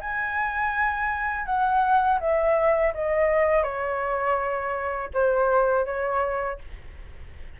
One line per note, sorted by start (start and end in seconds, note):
0.00 1.45 G#5
1.45 2.19 F#5
2.20 2.93 E5
2.94 3.63 D#5
3.63 5.09 C#5
5.14 5.85 C5
5.85 6.58 C#5